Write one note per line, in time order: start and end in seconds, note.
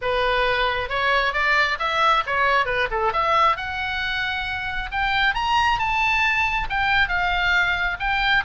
0.01 0.89 B4
0.89 1.33 C#5
1.33 1.77 D5
1.79 2.23 E5
2.26 2.65 C#5
2.65 2.87 B4
2.90 3.12 A4
3.12 3.56 E5
3.56 4.90 F#5
4.91 5.34 G5
5.34 5.78 A#5
5.78 6.67 A5
6.69 7.08 G5
7.08 7.97 F5
7.99 8.44 G5